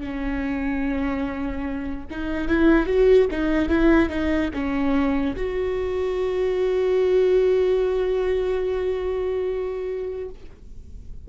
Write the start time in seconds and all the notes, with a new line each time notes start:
0.00 C#4
2.10 D#4
2.47 E4
2.86 F#4
3.31 D#4
3.68 E4
4.09 D#4
4.53 C#4
5.36 F#4